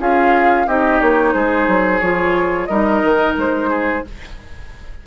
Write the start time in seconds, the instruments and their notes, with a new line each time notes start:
0.00 bassoon C#4, clarinet F4, oboe G#4, flute F5
0.67 bassoon C4, clarinet D#4, oboe G4, flute D#5
1.01 bassoon A#3, flute C#5
1.34 bassoon G#3, oboe G#4, flute C5
1.68 bassoon F#3
2.00 bassoon F3, clarinet F4, flute C#5
2.66 bassoon G3, clarinet D#4, oboe A#4, flute D#5
3.04 bassoon D#3
3.37 bassoon G#3, flute C5
3.70 oboe G#4